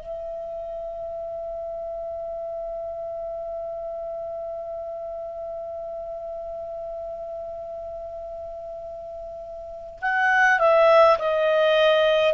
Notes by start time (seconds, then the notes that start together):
0.00 E5
10.02 F#5
10.59 E5
11.19 D#5